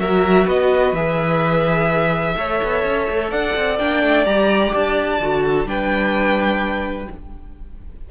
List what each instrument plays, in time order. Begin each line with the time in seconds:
0.00 cello F#3, viola F#4, violin A#4 E5
0.46 cello B3, violin B4 D#5
0.93 cello E3, viola G#4, violin E5
2.37 cello A3, viola A4, violin C#5
2.64 cello B3
2.85 cello C#4
3.10 cello A3
3.31 cello D4, violin D5 F#5
3.56 cello C4
3.79 cello A#3, viola D4, violin G5
4.04 cello A3
4.26 cello G3, viola G4, violin A#5
4.74 cello D4, violin A5
5.20 cello D3, viola F#4
5.44 violin A4
5.66 cello G3, viola D4, violin B4 G5